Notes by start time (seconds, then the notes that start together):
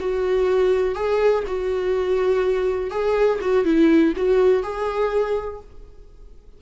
0.00 F#4
0.95 G#4
1.47 F#4
2.91 G#4
3.41 F#4
3.65 E4
4.16 F#4
4.63 G#4